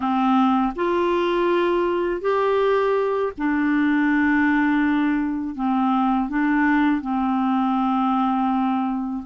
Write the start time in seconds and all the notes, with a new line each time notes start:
0.00 C4
0.75 F4
2.21 G4
3.37 D4
5.55 C4
6.29 D4
7.01 C4